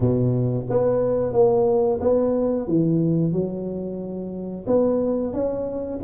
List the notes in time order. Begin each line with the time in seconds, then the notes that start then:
0.00 B2
0.69 B3
1.32 A#3
2.01 B3
2.67 E3
3.32 F#3
4.66 B3
5.33 C#4